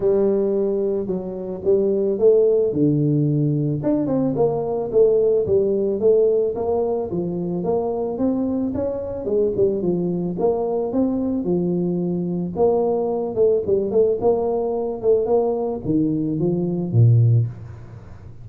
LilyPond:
\new Staff \with { instrumentName = "tuba" } { \time 4/4 \tempo 4 = 110 g2 fis4 g4 | a4 d2 d'8 c'8 | ais4 a4 g4 a4 | ais4 f4 ais4 c'4 |
cis'4 gis8 g8 f4 ais4 | c'4 f2 ais4~ | ais8 a8 g8 a8 ais4. a8 | ais4 dis4 f4 ais,4 | }